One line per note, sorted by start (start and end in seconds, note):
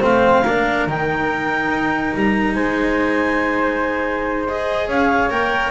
0.00 0.45 A3
0.00 0.42 C4
0.00 0.43 C5
0.00 0.88 F5
0.43 0.87 A#3
0.43 0.89 D4
0.43 2.54 A#4
0.87 1.69 D#3
0.87 4.48 D#4
0.87 2.15 G5
1.69 2.11 D#4
2.14 2.55 G3
2.14 2.55 A#5
2.55 4.87 G#3
2.55 4.87 C5
2.55 4.45 G#5
4.47 5.30 G#4
4.47 4.90 D#5
4.87 5.30 C#4
4.87 5.71 C#5
4.87 5.30 F5
5.30 5.71 A#3
5.30 5.71 A#4
5.30 5.71 G5